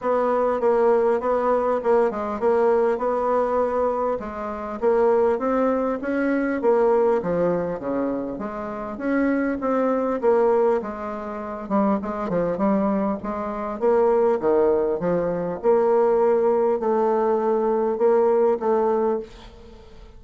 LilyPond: \new Staff \with { instrumentName = "bassoon" } { \time 4/4 \tempo 4 = 100 b4 ais4 b4 ais8 gis8 | ais4 b2 gis4 | ais4 c'4 cis'4 ais4 | f4 cis4 gis4 cis'4 |
c'4 ais4 gis4. g8 | gis8 f8 g4 gis4 ais4 | dis4 f4 ais2 | a2 ais4 a4 | }